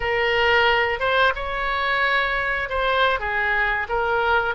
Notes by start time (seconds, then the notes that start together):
0.00 A#4
0.99 C5
1.35 C#5
2.69 C5
3.19 G#4
3.89 A#4